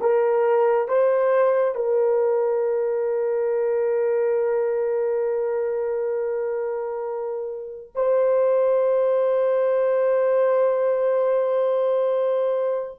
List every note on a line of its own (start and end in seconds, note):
0.00 0.88 A#4
0.88 1.74 C5
1.74 7.92 A#4
7.95 12.99 C5